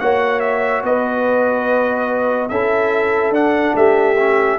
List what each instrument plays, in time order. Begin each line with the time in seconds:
0.00 tuba A#3, trombone F#4, horn C#5, trumpet F#5
0.40 trumpet E5
0.83 tuba B3, horn B4, trumpet D#5
2.49 tuba C#4, trombone E4, horn A4, trumpet E5
3.30 tuba D4, trombone D4, trumpet F#5
3.75 tuba A3, horn G4, trumpet E5
4.18 trombone C#4